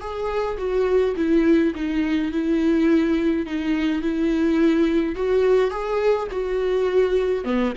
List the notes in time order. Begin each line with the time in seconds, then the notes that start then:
0.00 G#4
0.57 F#4
1.16 E4
1.75 D#4
2.32 E4
3.46 D#4
4.02 E4
5.15 F#4
5.70 G#4
6.31 F#4
7.44 B3